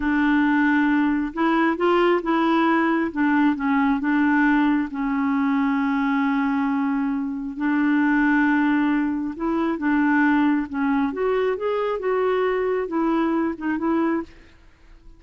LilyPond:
\new Staff \with { instrumentName = "clarinet" } { \time 4/4 \tempo 4 = 135 d'2. e'4 | f'4 e'2 d'4 | cis'4 d'2 cis'4~ | cis'1~ |
cis'4 d'2.~ | d'4 e'4 d'2 | cis'4 fis'4 gis'4 fis'4~ | fis'4 e'4. dis'8 e'4 | }